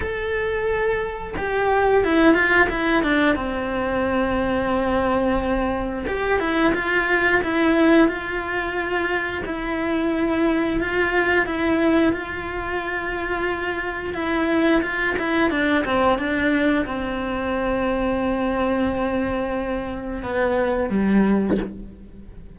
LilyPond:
\new Staff \with { instrumentName = "cello" } { \time 4/4 \tempo 4 = 89 a'2 g'4 e'8 f'8 | e'8 d'8 c'2.~ | c'4 g'8 e'8 f'4 e'4 | f'2 e'2 |
f'4 e'4 f'2~ | f'4 e'4 f'8 e'8 d'8 c'8 | d'4 c'2.~ | c'2 b4 g4 | }